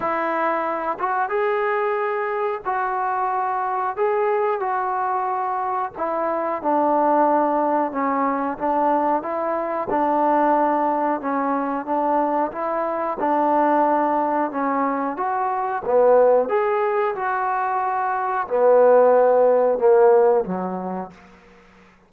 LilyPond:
\new Staff \with { instrumentName = "trombone" } { \time 4/4 \tempo 4 = 91 e'4. fis'8 gis'2 | fis'2 gis'4 fis'4~ | fis'4 e'4 d'2 | cis'4 d'4 e'4 d'4~ |
d'4 cis'4 d'4 e'4 | d'2 cis'4 fis'4 | b4 gis'4 fis'2 | b2 ais4 fis4 | }